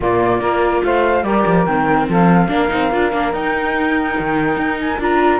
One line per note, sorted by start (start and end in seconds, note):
0.00 0.40 A#2
0.00 0.40 A#3
0.00 0.41 F4
0.00 0.83 D5
0.40 0.82 A#3
0.40 1.24 F4
0.40 0.83 A#4
0.83 1.23 A3
0.83 1.24 C5
0.83 1.23 F5
1.23 1.44 G3
1.23 1.66 G4
1.23 2.08 A#4
1.23 1.65 D5
1.45 1.66 F3
1.65 2.07 D#3
1.65 2.48 C4
1.65 2.07 G5
2.08 2.48 F3
2.08 2.49 A4
2.08 3.33 F5
2.48 2.69 A#3
2.48 2.68 D4
2.48 5.40 A#4
2.68 2.93 C4
2.68 2.88 D#4
2.91 3.12 D4
2.91 3.12 F4
3.12 3.32 A#3
3.12 3.33 D4
3.32 4.16 D#4
3.32 5.00 D#4
3.32 4.79 G5
4.19 4.56 D#3
4.56 4.98 D#4
4.79 5.00 G#5
4.98 5.40 D4
4.98 5.40 F4
4.98 5.40 A#5